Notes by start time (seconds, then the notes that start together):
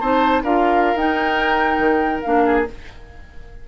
0.00 C4 D#4 C5 A5
0.43 D4 F4 A#4 F5
0.94 D#4 G5
1.78 D#3
2.21 A#3 D4 F5
2.46 G#4